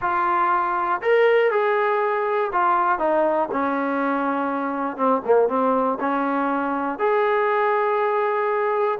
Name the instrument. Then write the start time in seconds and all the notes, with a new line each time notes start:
trombone
0.01 F4
1.01 A#4
1.51 G#4
2.52 F4
2.99 D#4
3.51 C#4
4.97 C4
5.25 A#3
5.48 C4
6.00 C#4
6.98 G#4